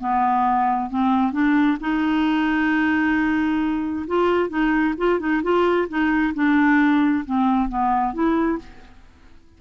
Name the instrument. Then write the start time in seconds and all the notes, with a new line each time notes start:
clarinet
0.00 B3
0.90 C4
1.33 D4
1.81 D#4
4.07 F4
4.49 D#4
4.98 F4
5.20 D#4
5.43 F4
5.89 D#4
6.34 D4
7.25 C4
7.69 B3
8.14 E4